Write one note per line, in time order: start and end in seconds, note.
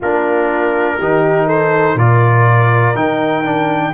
0.00 0.99 A#3
0.00 1.00 D4
0.00 0.97 F4
0.00 1.49 A#4
0.98 1.95 D#3
0.98 1.98 D#4
0.98 1.46 G4
1.46 1.95 A4
1.46 1.98 C5
1.95 2.93 A#2
1.95 2.95 F4
1.95 3.92 A#4
1.95 2.96 D5
2.94 3.93 D#3
2.94 3.43 D#4
2.94 3.94 G5
3.43 3.92 D4